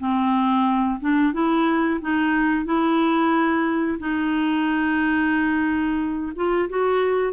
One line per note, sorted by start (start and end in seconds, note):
0.00 1.00 C4
1.01 1.33 D4
1.33 2.00 E4
2.02 2.65 D#4
2.65 3.98 E4
3.99 6.33 D#4
6.36 6.69 F4
6.69 7.33 F#4